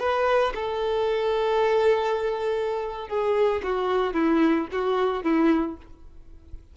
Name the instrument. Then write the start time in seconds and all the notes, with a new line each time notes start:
violin
0.00 B4
0.55 A4
3.09 G#4
3.63 F#4
4.14 E4
4.72 F#4
5.23 E4